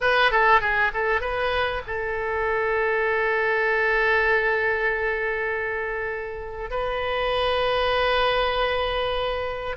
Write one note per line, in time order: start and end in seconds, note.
0.00 0.31 B4
0.31 0.60 A4
0.60 0.91 G#4
0.93 1.20 A4
1.20 1.81 B4
1.86 6.70 A4
6.70 9.76 B4